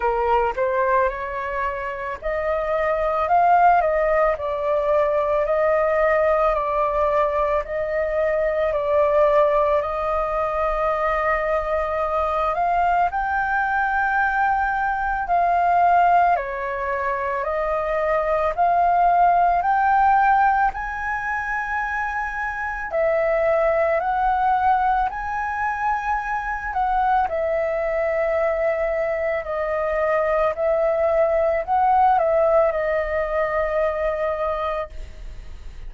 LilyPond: \new Staff \with { instrumentName = "flute" } { \time 4/4 \tempo 4 = 55 ais'8 c''8 cis''4 dis''4 f''8 dis''8 | d''4 dis''4 d''4 dis''4 | d''4 dis''2~ dis''8 f''8 | g''2 f''4 cis''4 |
dis''4 f''4 g''4 gis''4~ | gis''4 e''4 fis''4 gis''4~ | gis''8 fis''8 e''2 dis''4 | e''4 fis''8 e''8 dis''2 | }